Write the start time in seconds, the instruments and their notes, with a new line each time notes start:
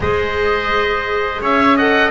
0.00 double bass G#3, clarinet G#4, trumpet C5, oboe D#5
1.41 double bass C#4, trumpet C#5, oboe E5
1.76 clarinet A4, trumpet D#5, oboe F#5